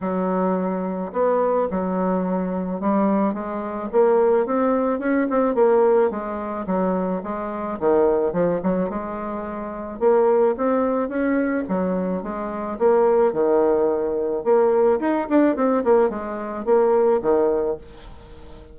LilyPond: \new Staff \with { instrumentName = "bassoon" } { \time 4/4 \tempo 4 = 108 fis2 b4 fis4~ | fis4 g4 gis4 ais4 | c'4 cis'8 c'8 ais4 gis4 | fis4 gis4 dis4 f8 fis8 |
gis2 ais4 c'4 | cis'4 fis4 gis4 ais4 | dis2 ais4 dis'8 d'8 | c'8 ais8 gis4 ais4 dis4 | }